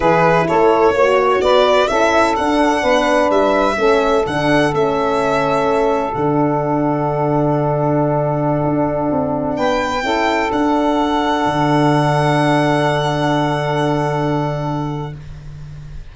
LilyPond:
<<
  \new Staff \with { instrumentName = "violin" } { \time 4/4 \tempo 4 = 127 b'4 cis''2 d''4 | e''4 fis''2 e''4~ | e''4 fis''4 e''2~ | e''4 fis''2.~ |
fis''1~ | fis''16 g''2 fis''4.~ fis''16~ | fis''1~ | fis''1 | }
  \new Staff \with { instrumentName = "saxophone" } { \time 4/4 gis'4 a'4 cis''4 b'4 | a'2 b'2 | a'1~ | a'1~ |
a'1~ | a'16 b'4 a'2~ a'8.~ | a'1~ | a'1 | }
  \new Staff \with { instrumentName = "horn" } { \time 4/4 e'2 fis'2 | e'4 d'2. | cis'4 d'4 cis'2~ | cis'4 d'2.~ |
d'1~ | d'4~ d'16 e'4 d'4.~ d'16~ | d'1~ | d'1 | }
  \new Staff \with { instrumentName = "tuba" } { \time 4/4 e4 a4 ais4 b4 | cis'4 d'4 b4 g4 | a4 d4 a2~ | a4 d2.~ |
d2~ d16 d'4 c'8.~ | c'16 b4 cis'4 d'4.~ d'16~ | d'16 d2.~ d8.~ | d1 | }
>>